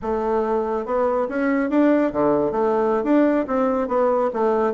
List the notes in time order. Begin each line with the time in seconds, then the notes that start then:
0.02 A3
0.85 B3
1.28 C#4
1.70 D4
2.12 D3
2.51 A3
3.03 D4
3.47 C4
3.88 B3
4.33 A3